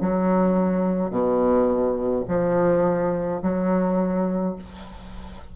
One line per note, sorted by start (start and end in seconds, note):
0.00 1.11 F#3
1.11 2.23 B2
2.28 3.41 F3
3.42 4.55 F#3